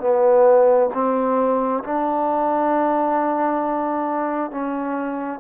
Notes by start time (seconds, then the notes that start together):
0.00 B3
0.94 C4
1.84 D4
4.51 C#4